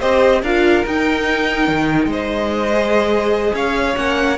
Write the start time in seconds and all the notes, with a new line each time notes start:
0.00 C4 G4 C5 D#5
0.42 D4 F4 A#4 F5
0.86 D#4 G5
1.68 D#3
2.06 G#3 C5
2.13 D#5
2.73 G#4
3.54 C#4 C#5 F5
3.96 A#3 C#4 F#5